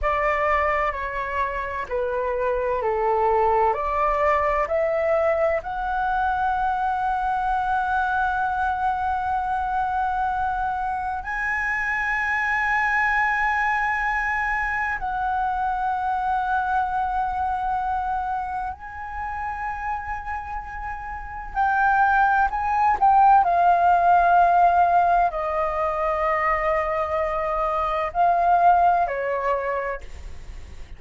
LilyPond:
\new Staff \with { instrumentName = "flute" } { \time 4/4 \tempo 4 = 64 d''4 cis''4 b'4 a'4 | d''4 e''4 fis''2~ | fis''1 | gis''1 |
fis''1 | gis''2. g''4 | gis''8 g''8 f''2 dis''4~ | dis''2 f''4 cis''4 | }